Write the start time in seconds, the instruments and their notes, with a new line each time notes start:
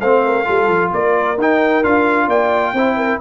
0.00 tuba A3, trombone C4, horn C5, trumpet F5
0.25 horn A#4
0.45 tuba G3, trombone F4, horn A4
0.68 tuba F3
0.93 tuba A#3, horn A#4, trumpet D5
1.37 tuba D#4, trombone D#4, trumpet G5
1.83 tuba D4, trombone F4, trumpet F5
2.27 tuba A#3, horn D5, trumpet G5
2.73 tuba C4, trombone E4, horn C5
2.96 horn A#4